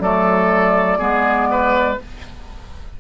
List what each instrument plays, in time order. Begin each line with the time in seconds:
0.00 bassoon F#3, clarinet A3, oboe A4, flute D5
0.99 bassoon G#3, clarinet B3, oboe G#4
1.51 oboe B4